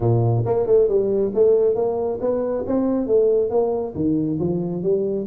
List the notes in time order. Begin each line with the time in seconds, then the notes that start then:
0.00 A#2
0.45 A#3
0.66 A3
0.88 G3
1.34 A3
1.75 A#3
2.20 B3
2.66 C4
3.06 A3
3.49 A#3
3.95 D#3
4.39 F3
4.82 G3